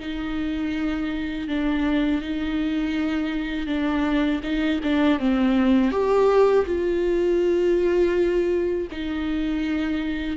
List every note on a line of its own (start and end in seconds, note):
0.00 1.48 D#4
1.48 2.22 D4
2.22 3.67 D#4
3.67 4.41 D4
4.44 4.81 D#4
4.84 5.20 D4
5.20 5.92 C4
5.92 6.66 G4
6.66 8.88 F4
8.92 10.38 D#4